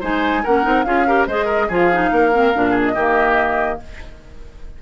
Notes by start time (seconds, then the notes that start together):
0.00 G#3 D#4 C5 G#5
0.44 A#3 C#4 A#4 F#5
0.63 C4 D#4
0.84 C#4 F4 G#4 F5
1.07 G4 A#4
1.27 G#3 G#4 C5 D#5
1.45 A#4
1.68 F3 F4 G#4 G#5
1.76 F5
1.92 D#4
2.12 A#3 A#4
2.32 C4
2.54 A#2 D4
2.71 G#4
2.85 D#5
2.95 D#3 A#3 G4